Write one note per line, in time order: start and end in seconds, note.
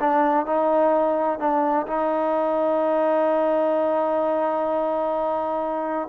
0.00 0.46 D4
0.46 1.39 D#4
1.39 1.86 D4
1.87 6.08 D#4